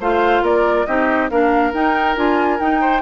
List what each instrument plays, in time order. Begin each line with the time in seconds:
0.00 bassoon A3, clarinet F4, oboe C5, flute F5
0.42 bassoon A#3, oboe A#4, flute D5
0.87 bassoon C4, clarinet D#4, oboe G4, flute D#5
1.30 bassoon A#3, clarinet D4, oboe A#4, flute F5
1.73 clarinet D#4, bassoon D#4, flute G5
2.16 bassoon D4, clarinet F4, flute G#5
2.60 bassoon D#4, clarinet D#4, flute G5
2.81 oboe C5